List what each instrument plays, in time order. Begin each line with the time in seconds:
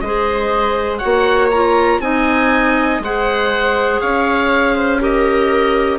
0.00 bassoon G#3, clarinet G#4, viola C5, oboe D#5
0.98 clarinet F#4, viola C#5, oboe F#5
1.05 bassoon A#3
1.51 clarinet F4, oboe A#5
1.99 bassoon C4, clarinet D#4, viola D#5, oboe G#5
2.99 bassoon G#3, clarinet G#4, viola C5, oboe F#5
4.00 bassoon C#4, viola C#5, oboe F5
4.75 viola C5
4.99 clarinet G4, viola A#4, oboe D#5